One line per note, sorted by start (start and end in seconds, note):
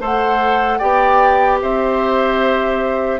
0.00 0.80 A3
0.00 0.80 A4
0.00 0.79 C5
0.00 0.79 F#5
0.79 1.62 B3
0.79 3.20 G4
0.79 1.59 D5
0.79 1.59 G5
1.62 3.20 C4
1.62 3.20 C5
1.62 3.20 E5